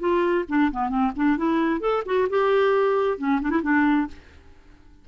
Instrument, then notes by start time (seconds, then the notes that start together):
clarinet
0.00 F4
0.49 D4
0.72 B3
0.89 C4
1.16 D4
1.38 E4
1.81 A4
2.06 F#4
2.30 G4
3.18 C#4
3.42 D4
3.50 E4
3.63 D4